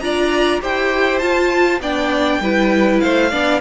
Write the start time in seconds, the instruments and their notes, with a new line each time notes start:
0.00 cello D4, viola F4, violin D5 A#5
0.61 cello E4, viola G4, violin C5 G5
1.19 viola F4, cello F4, violin A5
1.80 cello B3, viola D4, violin D5 G5
2.39 cello G3, viola E4, violin B4
3.00 cello A3, violin C5 F5
3.31 cello B3, viola D4, violin D5